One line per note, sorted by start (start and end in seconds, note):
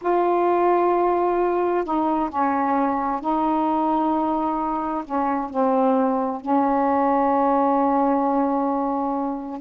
0.01 1.84 F4
1.84 2.29 D#4
2.29 3.20 C#4
3.20 5.04 D#4
5.04 5.50 C#4
5.50 6.41 C4
6.41 9.60 C#4